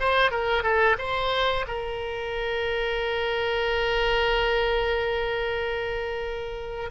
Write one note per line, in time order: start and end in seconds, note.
0.00 0.31 C5
0.31 0.63 A#4
0.63 0.97 A4
0.98 1.65 C5
1.68 6.90 A#4